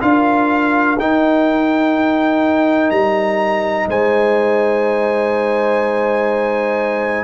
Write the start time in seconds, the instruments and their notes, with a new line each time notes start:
0.00 tuba D4, trombone F4, horn A#4, trumpet F5
0.97 tuba D#4, trombone D#4, trumpet G5
2.90 tuba G3, trumpet A#5
3.87 tuba G#3, horn C5, trumpet G#5